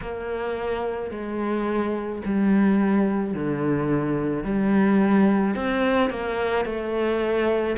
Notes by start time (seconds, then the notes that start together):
0.01 A#3
1.11 G#3
2.25 G3
3.33 D3
4.44 G3
5.55 C4
6.10 A#3
6.65 A3